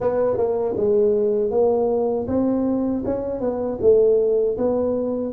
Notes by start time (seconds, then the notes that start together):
0.00 B3
0.37 A#3
0.76 G#3
1.51 A#3
2.27 C4
3.05 C#4
3.40 B3
3.81 A3
4.57 B3